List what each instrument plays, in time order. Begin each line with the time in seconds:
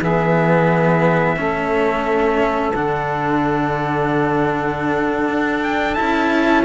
0.00 cello E3 B3, saxophone G#4, trumpet E5
1.36 cello A3 C#4, saxophone A4
2.74 cello D3 D4, trumpet F#5
5.28 cello D4
5.63 trumpet G5
5.94 cello C#4 E4, trumpet A5